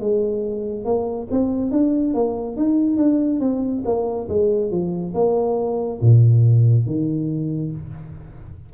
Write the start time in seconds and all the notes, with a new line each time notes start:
0.00 G#3
0.85 A#3
1.31 C4
1.71 D4
2.14 A#3
2.56 D#4
2.97 D4
3.41 C4
3.85 A#3
4.29 G#3
4.71 F3
5.14 A#3
6.01 A#2
6.86 D#3